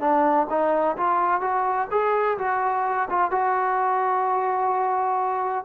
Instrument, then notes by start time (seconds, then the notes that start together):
trombone
0.00 D4
0.49 D#4
0.97 F4
1.41 F#4
1.91 G#4
2.38 F#4
3.09 F4
3.31 F#4